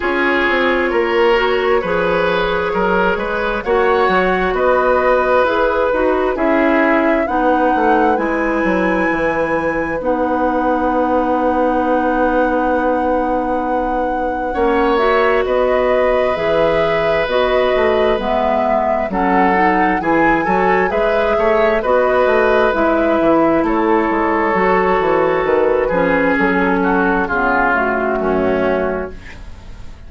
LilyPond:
<<
  \new Staff \with { instrumentName = "flute" } { \time 4/4 \tempo 4 = 66 cis''1 | fis''4 dis''4 b'4 e''4 | fis''4 gis''2 fis''4~ | fis''1~ |
fis''8 e''8 dis''4 e''4 dis''4 | e''4 fis''4 gis''4 e''4 | dis''4 e''4 cis''2 | b'4 a'4 gis'8 fis'4. | }
  \new Staff \with { instrumentName = "oboe" } { \time 4/4 gis'4 ais'4 b'4 ais'8 b'8 | cis''4 b'2 gis'4 | b'1~ | b'1 |
cis''4 b'2.~ | b'4 a'4 gis'8 a'8 b'8 cis''8 | b'2 a'2~ | a'8 gis'4 fis'8 f'4 cis'4 | }
  \new Staff \with { instrumentName = "clarinet" } { \time 4/4 f'4. fis'8 gis'2 | fis'2 gis'8 fis'8 e'4 | dis'4 e'2 dis'4~ | dis'1 |
cis'8 fis'4. gis'4 fis'4 | b4 cis'8 dis'8 e'8 fis'8 gis'4 | fis'4 e'2 fis'4~ | fis'8 cis'4. b8 a4. | }
  \new Staff \with { instrumentName = "bassoon" } { \time 4/4 cis'8 c'8 ais4 f4 fis8 gis8 | ais8 fis8 b4 e'8 dis'8 cis'4 | b8 a8 gis8 fis8 e4 b4~ | b1 |
ais4 b4 e4 b8 a8 | gis4 fis4 e8 fis8 gis8 a8 | b8 a8 gis8 e8 a8 gis8 fis8 e8 | dis8 f8 fis4 cis4 fis,4 | }
>>